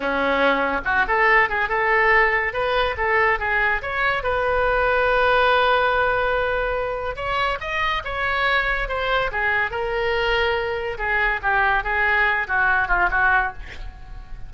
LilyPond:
\new Staff \with { instrumentName = "oboe" } { \time 4/4 \tempo 4 = 142 cis'2 fis'8 a'4 gis'8 | a'2 b'4 a'4 | gis'4 cis''4 b'2~ | b'1~ |
b'4 cis''4 dis''4 cis''4~ | cis''4 c''4 gis'4 ais'4~ | ais'2 gis'4 g'4 | gis'4. fis'4 f'8 fis'4 | }